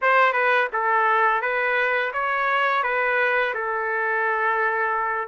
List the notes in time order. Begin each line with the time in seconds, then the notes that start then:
0.01 C5
0.32 B4
0.72 A4
1.41 B4
2.13 C#5
2.83 B4
3.54 A4